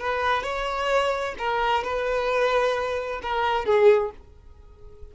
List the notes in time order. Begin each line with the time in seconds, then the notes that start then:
0.00 B4
0.44 C#5
1.39 A#4
1.84 B4
3.23 A#4
3.66 G#4